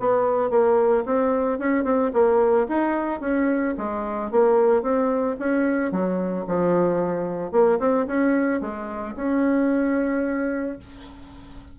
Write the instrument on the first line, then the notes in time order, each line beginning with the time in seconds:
bassoon
0.00 B3
0.50 A#3
1.06 C4
1.59 C#4
1.84 C4
2.14 A#3
2.69 D#4
3.21 C#4
3.78 G#3
4.32 A#3
4.83 C4
5.39 C#4
5.92 F#3
6.47 F3
7.52 A#3
7.80 C4
8.07 C#4
8.61 G#3
9.16 C#4